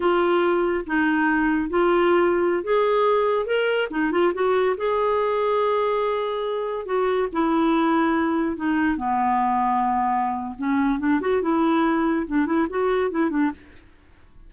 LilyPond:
\new Staff \with { instrumentName = "clarinet" } { \time 4/4 \tempo 4 = 142 f'2 dis'2 | f'2~ f'16 gis'4.~ gis'16~ | gis'16 ais'4 dis'8 f'8 fis'4 gis'8.~ | gis'1~ |
gis'16 fis'4 e'2~ e'8.~ | e'16 dis'4 b2~ b8.~ | b4 cis'4 d'8 fis'8 e'4~ | e'4 d'8 e'8 fis'4 e'8 d'8 | }